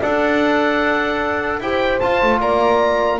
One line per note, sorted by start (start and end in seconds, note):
0.00 1.60 D4
0.00 1.62 A4
0.00 1.60 D5
0.00 1.61 F#5
1.60 2.00 E4
1.60 2.02 G4
1.60 2.40 C5
1.60 1.99 G5
1.99 3.19 F4
1.99 2.22 F4
1.99 2.39 A5
2.22 2.40 A3
2.40 3.19 A#3
2.40 3.19 D5
2.40 3.19 A#5